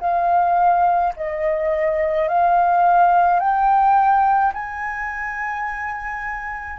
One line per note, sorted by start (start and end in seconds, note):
0.00 1.13 F5
1.16 2.28 D#5
2.28 3.40 F5
3.40 4.53 G5
4.53 6.79 G#5